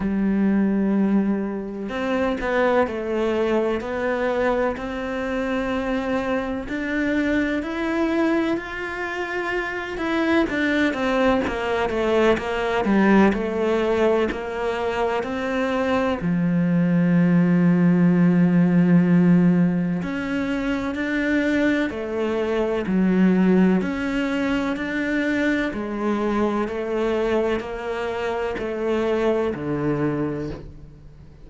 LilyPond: \new Staff \with { instrumentName = "cello" } { \time 4/4 \tempo 4 = 63 g2 c'8 b8 a4 | b4 c'2 d'4 | e'4 f'4. e'8 d'8 c'8 | ais8 a8 ais8 g8 a4 ais4 |
c'4 f2.~ | f4 cis'4 d'4 a4 | fis4 cis'4 d'4 gis4 | a4 ais4 a4 d4 | }